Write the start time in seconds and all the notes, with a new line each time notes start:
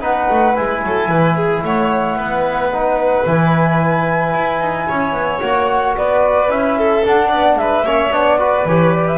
0.00 B3 D#4 B4 F#5
0.30 A3
0.55 G#3 E4 G#5
0.83 F#3 A4
1.08 E3 B4
1.36 G#4
1.63 A3 C#5 F#5
2.16 B3 B4
2.72 D#4
3.25 E3 E4 G#5
4.33 E4
4.60 D#4
4.88 C#4 C#5
5.12 B3
5.41 A#3 F#4 F#5
5.96 B3 B4 D5
6.48 C#4 E4 E5
6.77 A4
7.03 D4 F#5
7.28 B3 D5
7.55 G#3 B4 E5
7.82 A#3 C#4 C#5
8.10 B3 D4 D5
8.38 F#4 B4
8.65 E3 G4 C#5
8.93 D5
9.07 E5